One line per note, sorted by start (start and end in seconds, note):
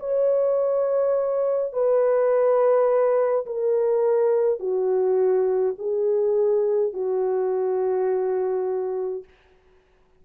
0.00 1.73 C#5
1.73 3.46 B4
3.46 4.60 A#4
4.60 5.75 F#4
5.78 6.93 G#4
6.93 9.24 F#4